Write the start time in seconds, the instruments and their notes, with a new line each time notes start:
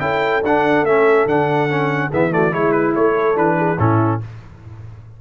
0.00 tuba C#4, trombone E4, horn A4, trumpet G5
0.43 tuba D4, trombone D4, trumpet F#5
0.83 tuba A3, trombone C#4, trumpet E5
1.26 tuba D3, trombone D4, trumpet F#5
1.69 trombone C#4
2.09 tuba E3, trombone B3, horn G#4, trumpet E5
2.31 trombone A3, horn F#4, trumpet D5
2.51 tuba G#3, trombone E4, horn E4, trumpet C#5
2.72 trumpet B4
2.95 tuba A3, trumpet C#5
3.15 horn A4
3.35 tuba E3, trombone D4, trumpet B4
3.58 horn G#4
3.78 tuba A2, trombone C#4, horn E4, trumpet A4